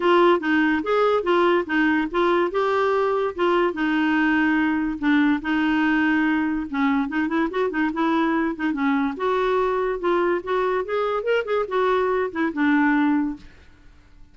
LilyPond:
\new Staff \with { instrumentName = "clarinet" } { \time 4/4 \tempo 4 = 144 f'4 dis'4 gis'4 f'4 | dis'4 f'4 g'2 | f'4 dis'2. | d'4 dis'2. |
cis'4 dis'8 e'8 fis'8 dis'8 e'4~ | e'8 dis'8 cis'4 fis'2 | f'4 fis'4 gis'4 ais'8 gis'8 | fis'4. e'8 d'2 | }